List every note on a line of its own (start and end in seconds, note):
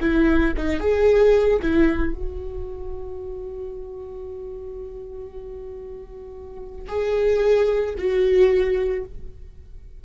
0.00 0.53 E4
0.56 0.79 D#4
0.79 1.59 G#4
1.61 2.13 E4
2.13 6.88 F#4
6.88 7.94 G#4
7.98 9.04 F#4